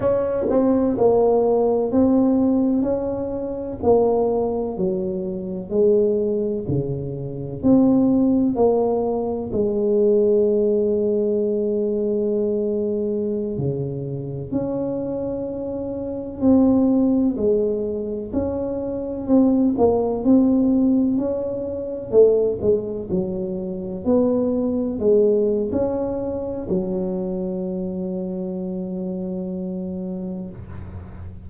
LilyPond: \new Staff \with { instrumentName = "tuba" } { \time 4/4 \tempo 4 = 63 cis'8 c'8 ais4 c'4 cis'4 | ais4 fis4 gis4 cis4 | c'4 ais4 gis2~ | gis2~ gis16 cis4 cis'8.~ |
cis'4~ cis'16 c'4 gis4 cis'8.~ | cis'16 c'8 ais8 c'4 cis'4 a8 gis16~ | gis16 fis4 b4 gis8. cis'4 | fis1 | }